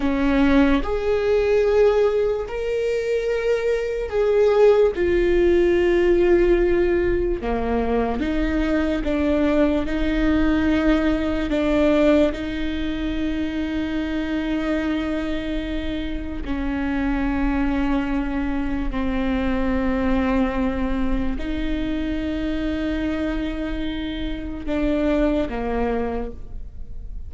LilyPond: \new Staff \with { instrumentName = "viola" } { \time 4/4 \tempo 4 = 73 cis'4 gis'2 ais'4~ | ais'4 gis'4 f'2~ | f'4 ais4 dis'4 d'4 | dis'2 d'4 dis'4~ |
dis'1 | cis'2. c'4~ | c'2 dis'2~ | dis'2 d'4 ais4 | }